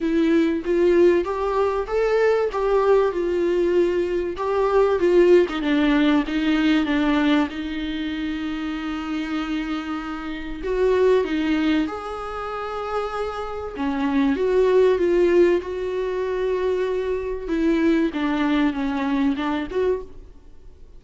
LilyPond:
\new Staff \with { instrumentName = "viola" } { \time 4/4 \tempo 4 = 96 e'4 f'4 g'4 a'4 | g'4 f'2 g'4 | f'8. dis'16 d'4 dis'4 d'4 | dis'1~ |
dis'4 fis'4 dis'4 gis'4~ | gis'2 cis'4 fis'4 | f'4 fis'2. | e'4 d'4 cis'4 d'8 fis'8 | }